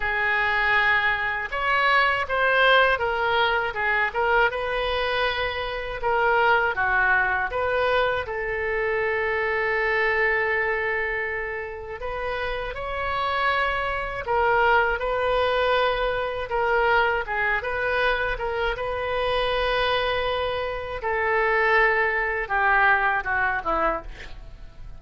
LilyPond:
\new Staff \with { instrumentName = "oboe" } { \time 4/4 \tempo 4 = 80 gis'2 cis''4 c''4 | ais'4 gis'8 ais'8 b'2 | ais'4 fis'4 b'4 a'4~ | a'1 |
b'4 cis''2 ais'4 | b'2 ais'4 gis'8 b'8~ | b'8 ais'8 b'2. | a'2 g'4 fis'8 e'8 | }